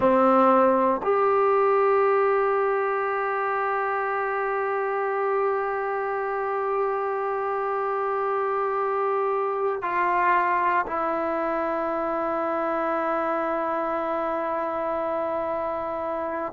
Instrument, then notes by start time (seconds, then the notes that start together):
trombone
0.00 C4
1.03 G4
9.82 F4
10.86 E4